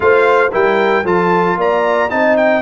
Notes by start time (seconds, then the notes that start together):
0.00 A3 F4 C5 F5
0.51 G3 E4 A#4 G5
1.03 F3 F4 A4 A5
1.56 A#3 D5 A#5
2.09 C4 D#4 D#5 A5
2.36 G5